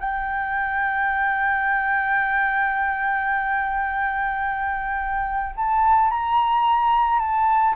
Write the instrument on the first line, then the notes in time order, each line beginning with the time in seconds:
flute
0.00 G5
5.56 A5
6.11 A#5
7.20 A5